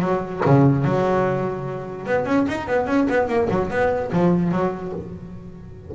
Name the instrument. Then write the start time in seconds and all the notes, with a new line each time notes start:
double bass
0.00 F#3
0.45 C#3
0.85 F#3
2.07 B3
2.26 C#4
2.48 D#4
2.67 B3
2.87 C#4
3.09 B3
3.28 A#3
3.50 F#3
3.71 B3
4.12 F3
4.52 F#3